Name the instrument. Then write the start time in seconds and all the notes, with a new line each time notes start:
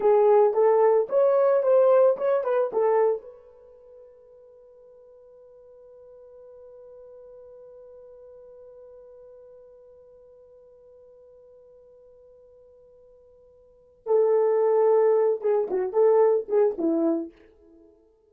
horn
0.00 G#4
0.53 A4
1.09 C#5
1.62 C5
2.17 C#5
2.44 B4
2.72 A4
3.21 B4
14.06 A4
15.41 G#4
15.70 F#4
15.93 A4
16.48 G#4
16.77 E4